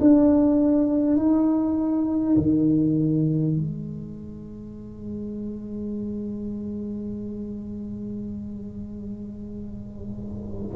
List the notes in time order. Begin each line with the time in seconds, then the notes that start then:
0.00 D4
1.16 D#4
2.37 D#3
3.56 G#3